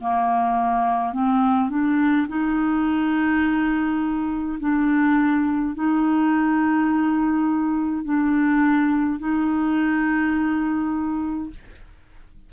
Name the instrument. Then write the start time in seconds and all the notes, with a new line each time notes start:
clarinet
0.00 A#3
1.13 C4
1.69 D4
2.28 D#4
4.59 D4
5.75 D#4
8.05 D4
9.19 D#4